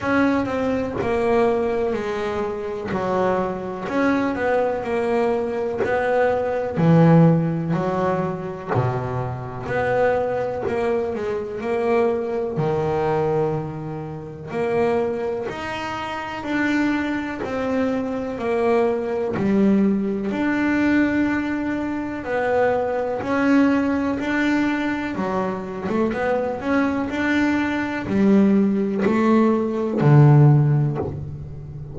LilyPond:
\new Staff \with { instrumentName = "double bass" } { \time 4/4 \tempo 4 = 62 cis'8 c'8 ais4 gis4 fis4 | cis'8 b8 ais4 b4 e4 | fis4 b,4 b4 ais8 gis8 | ais4 dis2 ais4 |
dis'4 d'4 c'4 ais4 | g4 d'2 b4 | cis'4 d'4 fis8. a16 b8 cis'8 | d'4 g4 a4 d4 | }